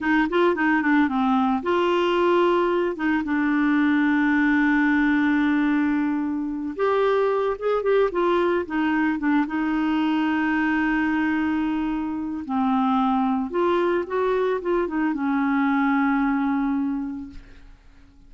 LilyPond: \new Staff \with { instrumentName = "clarinet" } { \time 4/4 \tempo 4 = 111 dis'8 f'8 dis'8 d'8 c'4 f'4~ | f'4. dis'8 d'2~ | d'1~ | d'8 g'4. gis'8 g'8 f'4 |
dis'4 d'8 dis'2~ dis'8~ | dis'2. c'4~ | c'4 f'4 fis'4 f'8 dis'8 | cis'1 | }